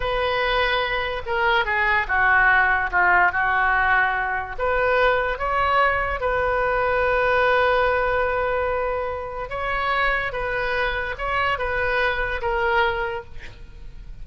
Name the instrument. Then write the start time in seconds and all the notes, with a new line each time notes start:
oboe
0.00 B4
1.25 A#4
1.65 G#4
2.07 F#4
2.91 F4
3.32 F#4
4.58 B4
5.38 C#5
6.20 B4
9.49 C#5
10.32 B4
11.17 C#5
11.58 B4
12.41 A#4